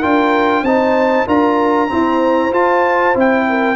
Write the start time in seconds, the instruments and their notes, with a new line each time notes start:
0.00 tuba D4, trombone F4, horn A#4, trumpet G5
0.63 tuba C4, trombone D#4, horn C5, trumpet A5
1.27 tuba D4, trombone F4, horn A#4, trumpet A#5
1.89 trombone C4, tuba E4, horn C5
2.52 trombone F4, tuba F4, trumpet A5
3.14 tuba C4, trombone E4
3.20 trumpet G5
3.49 horn A#4